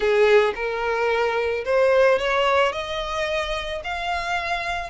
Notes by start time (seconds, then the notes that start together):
0.00 G#4
0.55 A#4
1.65 C5
2.18 C#5
2.72 D#5
3.84 F5